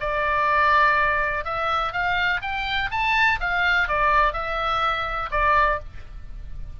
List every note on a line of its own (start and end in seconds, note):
0.00 1.44 D5
1.44 1.92 E5
1.92 2.41 F5
2.41 2.90 G5
2.91 3.39 A5
3.40 3.88 F5
3.88 4.33 D5
4.33 5.30 E5
5.31 5.79 D5